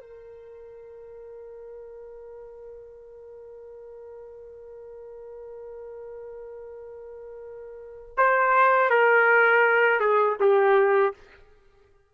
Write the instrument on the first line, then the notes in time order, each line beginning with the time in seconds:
trumpet
0.00 A#4
8.17 C5
8.90 A#4
10.00 G#4
10.40 G4